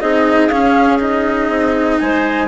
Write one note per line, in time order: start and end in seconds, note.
0.00 0.50 C4
0.00 0.51 D#4
0.00 2.00 G#4
0.00 0.49 D#5
0.49 1.49 C#4
0.49 0.99 C#4
0.49 0.98 F5
0.99 2.48 D#4
0.99 1.99 D#5
1.49 1.99 C4
1.99 2.48 G#3
1.99 2.48 C5
1.99 2.48 G#5